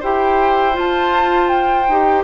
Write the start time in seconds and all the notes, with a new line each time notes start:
0.00 E4 G4 C5 G5
0.73 F4 A5
0.80 F4
1.48 G5
1.89 D#4 G4